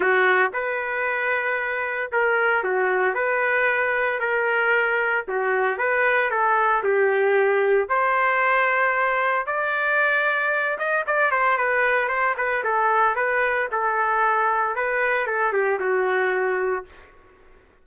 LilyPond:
\new Staff \with { instrumentName = "trumpet" } { \time 4/4 \tempo 4 = 114 fis'4 b'2. | ais'4 fis'4 b'2 | ais'2 fis'4 b'4 | a'4 g'2 c''4~ |
c''2 d''2~ | d''8 dis''8 d''8 c''8 b'4 c''8 b'8 | a'4 b'4 a'2 | b'4 a'8 g'8 fis'2 | }